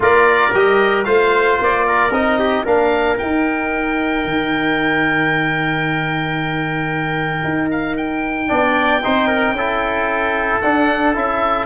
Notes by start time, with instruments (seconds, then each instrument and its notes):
0.00 tuba A#3, trombone F4, trumpet A#4, oboe D5
0.53 tuba G3, trombone G4, oboe D#5
1.04 tuba A3, trombone F4, trumpet C5, oboe F5
1.60 tuba A#3, oboe D5
1.86 trumpet A#4
2.10 tuba C4, trombone D#4, oboe D#5
2.39 trumpet G4
2.64 tuba A#3, trombone D4, trumpet A#4, oboe F5
3.17 trombone D#4, tuba D#4, oboe G5
4.24 tuba D#3
7.43 tuba D#4
7.71 oboe F5
7.96 oboe G5
8.47 tuba B3, trombone D4, trumpet D5
9.03 tuba C4, trombone D#4, trumpet C5
9.27 trumpet A#4
9.52 tuba C#4, trombone E4, trumpet A4
10.61 trombone D4, tuba D4, oboe F#5
11.15 tuba C#4, trombone E4, oboe E5